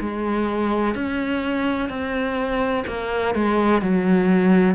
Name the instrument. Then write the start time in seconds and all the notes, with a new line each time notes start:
cello
0.00 G#3
0.95 C#4
1.90 C4
2.87 A#3
3.35 G#3
3.82 F#3